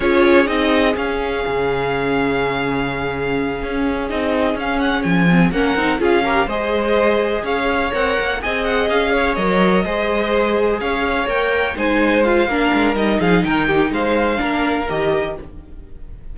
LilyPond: <<
  \new Staff \with { instrumentName = "violin" } { \time 4/4 \tempo 4 = 125 cis''4 dis''4 f''2~ | f''1~ | f''8 dis''4 f''8 fis''8 gis''4 fis''8~ | fis''8 f''4 dis''2 f''8~ |
f''8 fis''4 gis''8 fis''8 f''4 dis''8~ | dis''2~ dis''8 f''4 g''8~ | g''8 gis''4 f''4. dis''8 f''8 | g''4 f''2 dis''4 | }
  \new Staff \with { instrumentName = "violin" } { \time 4/4 gis'1~ | gis'1~ | gis'2.~ gis'8 ais'8~ | ais'8 gis'8 ais'8 c''2 cis''8~ |
cis''4. dis''4. cis''4~ | cis''8 c''2 cis''4.~ | cis''8 c''4. ais'4. gis'8 | ais'8 g'8 c''4 ais'2 | }
  \new Staff \with { instrumentName = "viola" } { \time 4/4 f'4 dis'4 cis'2~ | cis'1~ | cis'8 dis'4 cis'4. c'8 cis'8 | dis'8 f'8 g'8 gis'2~ gis'8~ |
gis'8 ais'4 gis'2 ais'8~ | ais'8 gis'2. ais'8~ | ais'8 dis'4 f'8 d'4 dis'4~ | dis'2 d'4 g'4 | }
  \new Staff \with { instrumentName = "cello" } { \time 4/4 cis'4 c'4 cis'4 cis4~ | cis2.~ cis8 cis'8~ | cis'8 c'4 cis'4 f4 ais8 | c'8 cis'4 gis2 cis'8~ |
cis'8 c'8 ais8 c'4 cis'4 fis8~ | fis8 gis2 cis'4 ais8~ | ais8 gis4. ais8 gis8 g8 f8 | dis4 gis4 ais4 dis4 | }
>>